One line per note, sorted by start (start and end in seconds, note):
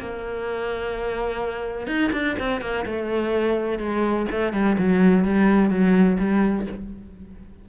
0.00 1.88 A#3
1.88 2.11 D#4
2.13 2.37 D4
2.40 2.62 C4
2.62 2.86 A#3
2.86 3.79 A3
3.79 4.27 G#3
4.32 4.53 A3
4.53 4.77 G3
4.79 5.25 F#3
5.25 5.70 G3
5.70 6.18 F#3
6.19 6.67 G3